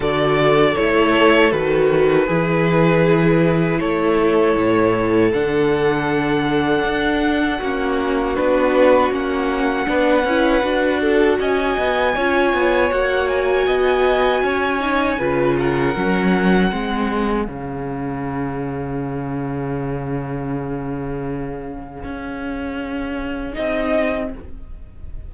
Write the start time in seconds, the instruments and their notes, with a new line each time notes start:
0.00 cello D3, viola F#4, violin A4 D5
0.75 cello A3, viola E4, violin C#5
1.51 cello D#3, viola F#4, violin B4
2.26 cello E3, viola E4, violin G#4
3.79 cello A3, violin A4 C#5
4.56 cello A2
5.32 cello D3, viola D4, violin F#5
6.84 cello D4
7.58 cello A#3, viola C#4, violin F#4
8.35 cello B3, viola D4, violin B4
9.10 cello A#3, viola C#4, violin F#5
9.86 cello B3, viola D4, violin B4
10.24 cello C#4, viola E4
10.63 cello D4, viola F#4
11.00 violin A4
11.39 cello C#4, violin D#5 G#5
11.78 cello B3
12.14 cello C#4, viola F4, violin C#5
12.53 cello B3
12.91 cello A#3, viola F#4, violin F#5
13.28 violin G#5
13.66 cello B3, violin D#5
14.42 cello C#4, violin C#5
14.80 viola D#4
15.18 cello C#3, viola F4, violin B4
15.59 violin A#4 F#5
15.95 cello F#3, viola C#4
16.70 cello G#3, viola C4, violin G#4
17.43 cello C#3, viola C#4, violin F5
22.03 cello C#4
23.52 cello C4, viola D#4, violin D#5